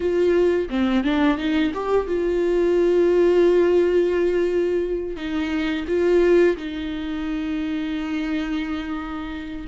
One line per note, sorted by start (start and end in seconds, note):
0.00 0.68 F4
0.69 1.03 C4
1.03 1.37 D4
1.37 1.72 D#4
1.74 2.07 G4
2.07 5.16 F4
5.16 5.85 D#4
5.87 6.56 F4
6.56 9.67 D#4